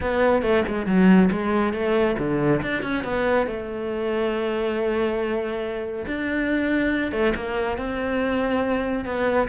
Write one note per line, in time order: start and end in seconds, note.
0.00 0.42 B3
0.42 0.63 A3
0.68 0.86 G#3
0.86 1.29 F#3
1.31 1.73 G#3
1.73 2.16 A3
2.18 2.61 D3
2.62 2.83 D4
2.83 3.04 C#4
3.04 3.46 B3
3.46 6.05 A3
6.06 7.12 D4
7.12 7.33 A3
7.35 7.77 A#3
7.77 9.05 C4
9.05 9.48 B3